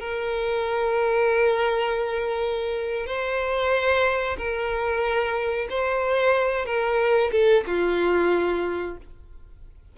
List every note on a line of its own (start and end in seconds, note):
0.00 3.07 A#4
3.07 4.37 C5
4.38 5.68 A#4
5.69 6.65 C5
6.65 7.31 A#4
7.31 7.64 A4
7.67 8.97 F4